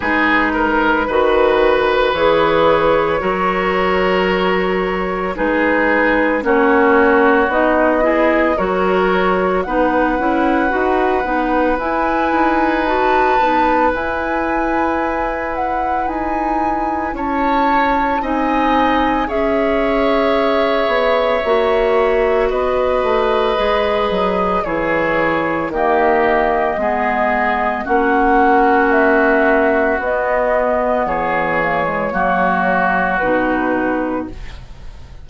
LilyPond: <<
  \new Staff \with { instrumentName = "flute" } { \time 4/4 \tempo 4 = 56 b'2 cis''2~ | cis''4 b'4 cis''4 dis''4 | cis''4 fis''2 gis''4 | a''4 gis''4. fis''8 gis''4 |
a''4 gis''4 e''2~ | e''4 dis''2 cis''4 | dis''2 fis''4 e''4 | dis''4 cis''2 b'4 | }
  \new Staff \with { instrumentName = "oboe" } { \time 4/4 gis'8 ais'8 b'2 ais'4~ | ais'4 gis'4 fis'4. gis'8 | ais'4 b'2.~ | b'1 |
cis''4 dis''4 cis''2~ | cis''4 b'2 gis'4 | g'4 gis'4 fis'2~ | fis'4 gis'4 fis'2 | }
  \new Staff \with { instrumentName = "clarinet" } { \time 4/4 dis'4 fis'4 gis'4 fis'4~ | fis'4 dis'4 cis'4 dis'8 e'8 | fis'4 dis'8 e'8 fis'8 dis'8 e'4 | fis'8 dis'8 e'2.~ |
e'4 dis'4 gis'2 | fis'2 gis'4 e'4 | ais4 b4 cis'2 | b4. ais16 gis16 ais4 dis'4 | }
  \new Staff \with { instrumentName = "bassoon" } { \time 4/4 gis4 dis4 e4 fis4~ | fis4 gis4 ais4 b4 | fis4 b8 cis'8 dis'8 b8 e'8 dis'8~ | dis'8 b8 e'2 dis'4 |
cis'4 c'4 cis'4. b8 | ais4 b8 a8 gis8 fis8 e4 | dis4 gis4 ais2 | b4 e4 fis4 b,4 | }
>>